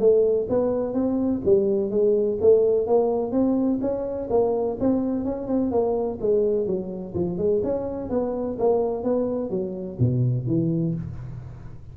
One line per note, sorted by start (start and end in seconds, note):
0.00 0.48 A3
0.50 0.94 B3
0.94 1.42 C4
1.45 1.90 G3
1.90 2.38 G#3
2.41 2.87 A3
2.87 3.32 A#3
3.32 3.79 C4
3.82 4.29 C#4
4.30 4.78 A#3
4.80 5.25 C4
5.25 5.48 C#4
5.48 5.71 C4
5.71 6.19 A#3
6.21 6.67 G#3
6.67 7.14 F#3
7.15 7.38 F3
7.38 7.62 G#3
7.64 8.10 C#4
8.10 8.58 B3
8.59 9.04 A#3
9.04 9.50 B3
9.50 9.98 F#3
10.00 10.47 B2
10.47 10.95 E3